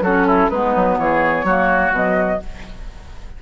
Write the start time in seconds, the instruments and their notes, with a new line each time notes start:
0.00 bassoon F#3, clarinet C#4, oboe F#4, flute A4
0.26 oboe E4
0.50 bassoon G#3, clarinet B3, oboe D#4, flute B4
0.75 bassoon F#3
0.98 bassoon E3, oboe G#4, flute C#5
1.43 bassoon F#3, clarinet A#3, oboe F#4
1.91 bassoon B2, clarinet F#3, flute D#5